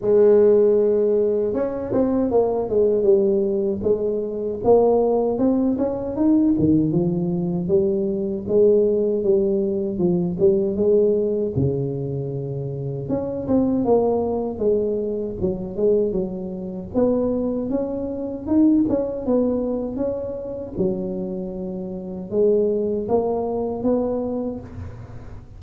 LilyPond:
\new Staff \with { instrumentName = "tuba" } { \time 4/4 \tempo 4 = 78 gis2 cis'8 c'8 ais8 gis8 | g4 gis4 ais4 c'8 cis'8 | dis'8 dis8 f4 g4 gis4 | g4 f8 g8 gis4 cis4~ |
cis4 cis'8 c'8 ais4 gis4 | fis8 gis8 fis4 b4 cis'4 | dis'8 cis'8 b4 cis'4 fis4~ | fis4 gis4 ais4 b4 | }